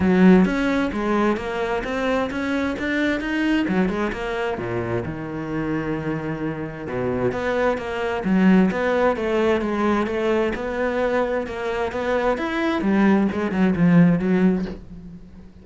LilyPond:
\new Staff \with { instrumentName = "cello" } { \time 4/4 \tempo 4 = 131 fis4 cis'4 gis4 ais4 | c'4 cis'4 d'4 dis'4 | fis8 gis8 ais4 ais,4 dis4~ | dis2. b,4 |
b4 ais4 fis4 b4 | a4 gis4 a4 b4~ | b4 ais4 b4 e'4 | g4 gis8 fis8 f4 fis4 | }